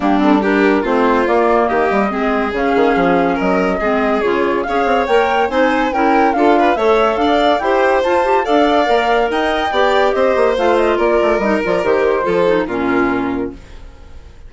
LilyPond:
<<
  \new Staff \with { instrumentName = "flute" } { \time 4/4 \tempo 4 = 142 g'8 a'8 ais'4 c''4 d''4 | dis''2 f''2 | dis''2 cis''4 f''4 | g''4 gis''4 g''4 f''4 |
e''4 f''4 g''4 a''4 | f''2 g''2 | dis''4 f''8 dis''8 d''4 dis''8 d''8 | c''2 ais'2 | }
  \new Staff \with { instrumentName = "violin" } { \time 4/4 d'4 g'4 f'2 | g'4 gis'2. | ais'4 gis'2 cis''4~ | cis''4 c''4 ais'4 a'8 b'8 |
cis''4 d''4 c''2 | d''2 dis''4 d''4 | c''2 ais'2~ | ais'4 a'4 f'2 | }
  \new Staff \with { instrumentName = "clarinet" } { \time 4/4 ais8 c'8 d'4 c'4 ais4~ | ais4 c'4 cis'2~ | cis'4 c'4 f'4 gis'4 | ais'4 dis'4 e'4 f'4 |
a'2 g'4 f'8 g'8 | a'4 ais'2 g'4~ | g'4 f'2 dis'8 f'8 | g'4 f'8 dis'8 cis'2 | }
  \new Staff \with { instrumentName = "bassoon" } { \time 4/4 g2 a4 ais4 | dis8 g8 gis4 cis8 dis8 f4 | fis4 gis4 cis4 cis'8 c'8 | ais4 c'4 cis'4 d'4 |
a4 d'4 e'4 f'4 | d'4 ais4 dis'4 b4 | c'8 ais8 a4 ais8 a8 g8 f8 | dis4 f4 ais,2 | }
>>